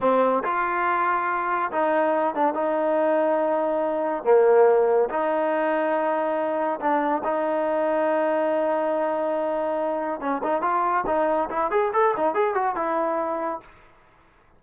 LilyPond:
\new Staff \with { instrumentName = "trombone" } { \time 4/4 \tempo 4 = 141 c'4 f'2. | dis'4. d'8 dis'2~ | dis'2 ais2 | dis'1 |
d'4 dis'2.~ | dis'1 | cis'8 dis'8 f'4 dis'4 e'8 gis'8 | a'8 dis'8 gis'8 fis'8 e'2 | }